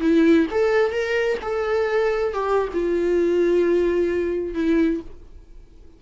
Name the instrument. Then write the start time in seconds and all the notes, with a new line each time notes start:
viola
0.00 E4
0.51 A4
0.91 A#4
1.42 A4
2.33 G4
2.73 F4
4.54 E4